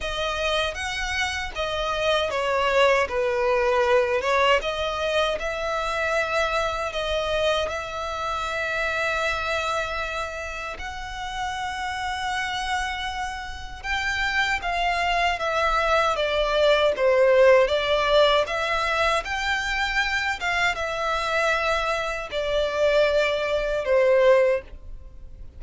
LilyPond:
\new Staff \with { instrumentName = "violin" } { \time 4/4 \tempo 4 = 78 dis''4 fis''4 dis''4 cis''4 | b'4. cis''8 dis''4 e''4~ | e''4 dis''4 e''2~ | e''2 fis''2~ |
fis''2 g''4 f''4 | e''4 d''4 c''4 d''4 | e''4 g''4. f''8 e''4~ | e''4 d''2 c''4 | }